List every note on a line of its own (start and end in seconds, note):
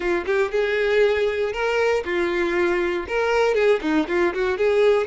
0.00 0.24 F4
0.25 0.51 G4
0.51 1.53 G#4
1.53 2.03 A#4
2.04 3.06 F4
3.08 3.54 A#4
3.54 3.80 G#4
3.81 4.06 D#4
4.08 4.33 F4
4.33 4.57 F#4
4.57 5.07 G#4